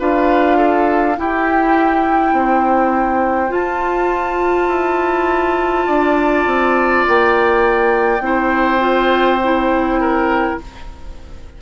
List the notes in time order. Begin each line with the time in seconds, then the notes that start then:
0.00 D4 F4 B4 F5
0.58 A4
1.16 E4 G4 G5
2.33 C4 C5
3.49 F4 A5
4.69 E4
5.87 D4 D5
6.47 C4
7.08 A#3 G5
8.20 C4 E4 C5
8.80 F4
9.44 E4
10.00 A#4